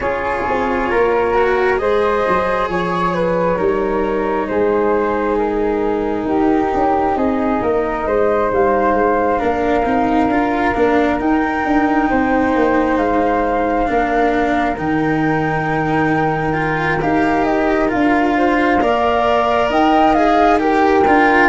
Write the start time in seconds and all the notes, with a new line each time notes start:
0.00 C#4 F4 G#4 C#5
0.49 C4
0.90 A#3 A#4
1.34 F#4
1.76 G#3 G#4 C5 D#5
2.28 F#3
2.68 F3 C#5
3.14 B4
3.57 G3 D#4 A#4
4.47 G#3 G#4 C5
5.38 A#4
6.25 D#4 G4
6.73 C#4
7.15 C4 G#4 D#5
7.61 A#3 A#4
8.06 G#3 C5
8.51 G3 F5
8.93 G#3
9.38 A#3 D4 A#4
9.84 C4 D#4
10.28 D4 F4
10.74 A#3 D4
11.19 D#4 G5
11.64 D4
12.09 C4 C5
12.55 A#3
12.97 G#3 F5
13.85 A#3 D4 A#4
14.76 D#3 D#4 G5
16.53 F4
17.01 D#4 G4 F5
17.44 D#5
17.88 D4 F4 F5
18.37 C5
18.81 A#3 A#4 D5
19.69 D#4 D#5 G5
20.13 G#4 F5
20.58 G4 A#4 G5
21.07 D4 F4